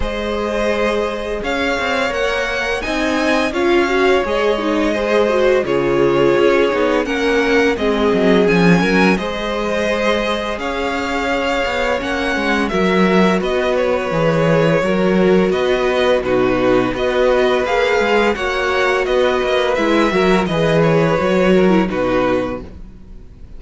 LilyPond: <<
  \new Staff \with { instrumentName = "violin" } { \time 4/4 \tempo 4 = 85 dis''2 f''4 fis''4 | gis''4 f''4 dis''2 | cis''2 fis''4 dis''4 | gis''4 dis''2 f''4~ |
f''4 fis''4 e''4 dis''8 cis''8~ | cis''2 dis''4 b'4 | dis''4 f''4 fis''4 dis''4 | e''4 dis''8 cis''4. b'4 | }
  \new Staff \with { instrumentName = "violin" } { \time 4/4 c''2 cis''2 | dis''4 cis''2 c''4 | gis'2 ais'4 gis'4~ | gis'8 ais'8 c''2 cis''4~ |
cis''2 ais'4 b'4~ | b'4 ais'4 b'4 fis'4 | b'2 cis''4 b'4~ | b'8 ais'8 b'4. ais'8 fis'4 | }
  \new Staff \with { instrumentName = "viola" } { \time 4/4 gis'2. ais'4 | dis'4 f'8 fis'8 gis'8 dis'8 gis'8 fis'8 | f'4. dis'8 cis'4 c'4 | cis'4 gis'2.~ |
gis'4 cis'4 fis'2 | gis'4 fis'2 dis'4 | fis'4 gis'4 fis'2 | e'8 fis'8 gis'4 fis'8. e'16 dis'4 | }
  \new Staff \with { instrumentName = "cello" } { \time 4/4 gis2 cis'8 c'8 ais4 | c'4 cis'4 gis2 | cis4 cis'8 b8 ais4 gis8 fis8 | f8 fis8 gis2 cis'4~ |
cis'8 b8 ais8 gis8 fis4 b4 | e4 fis4 b4 b,4 | b4 ais8 gis8 ais4 b8 ais8 | gis8 fis8 e4 fis4 b,4 | }
>>